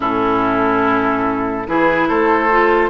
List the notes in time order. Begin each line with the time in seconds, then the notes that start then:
0.00 A2 C#4 E4 A4
1.66 E3 E4 G#4 B4
2.08 A3 A4 C5
2.50 F4